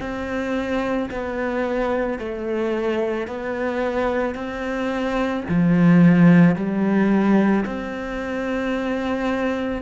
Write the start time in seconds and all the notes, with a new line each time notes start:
0.00 C4
1.11 B3
2.19 A3
3.27 B3
4.34 C4
5.49 F3
6.55 G3
7.65 C4